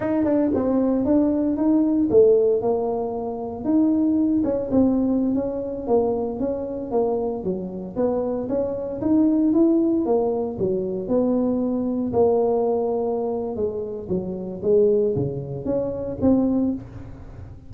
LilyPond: \new Staff \with { instrumentName = "tuba" } { \time 4/4 \tempo 4 = 115 dis'8 d'8 c'4 d'4 dis'4 | a4 ais2 dis'4~ | dis'8 cis'8 c'4~ c'16 cis'4 ais8.~ | ais16 cis'4 ais4 fis4 b8.~ |
b16 cis'4 dis'4 e'4 ais8.~ | ais16 fis4 b2 ais8.~ | ais2 gis4 fis4 | gis4 cis4 cis'4 c'4 | }